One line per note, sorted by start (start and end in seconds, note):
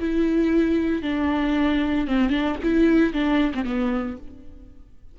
0.00 1.03 E4
1.03 2.08 D4
2.08 2.30 C4
2.30 2.56 D4
2.64 3.14 E4
3.14 3.53 D4
3.55 3.65 C4
3.65 4.17 B3